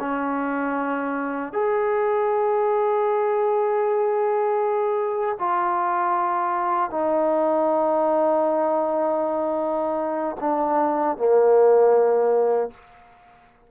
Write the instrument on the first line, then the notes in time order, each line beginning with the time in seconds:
trombone
0.00 C#4
1.53 G#4
5.40 F4
6.91 D#4
10.41 D4
11.17 A#3